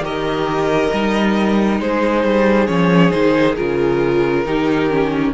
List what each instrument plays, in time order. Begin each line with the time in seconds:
0.00 cello D#3, viola G4, violin A#4 D#5
0.93 cello G3, viola D#4
1.80 cello G#3, violin G#4 C5
2.24 cello G3
2.67 cello F3, viola C#4, violin C#5
3.10 cello D#3, viola D#4, violin C5
3.56 cello C#3, viola F4, violin A#4
4.46 cello D#3, viola D#4, violin G4
4.90 viola C#4